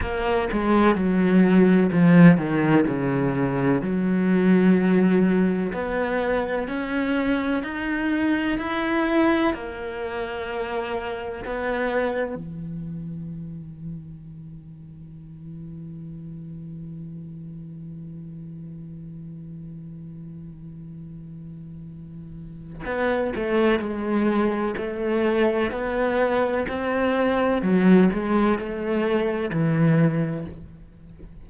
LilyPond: \new Staff \with { instrumentName = "cello" } { \time 4/4 \tempo 4 = 63 ais8 gis8 fis4 f8 dis8 cis4 | fis2 b4 cis'4 | dis'4 e'4 ais2 | b4 e2.~ |
e1~ | e1 | b8 a8 gis4 a4 b4 | c'4 fis8 gis8 a4 e4 | }